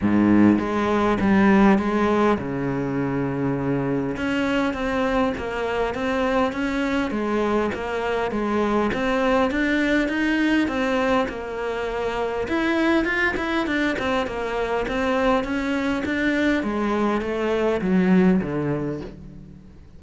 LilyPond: \new Staff \with { instrumentName = "cello" } { \time 4/4 \tempo 4 = 101 gis,4 gis4 g4 gis4 | cis2. cis'4 | c'4 ais4 c'4 cis'4 | gis4 ais4 gis4 c'4 |
d'4 dis'4 c'4 ais4~ | ais4 e'4 f'8 e'8 d'8 c'8 | ais4 c'4 cis'4 d'4 | gis4 a4 fis4 d4 | }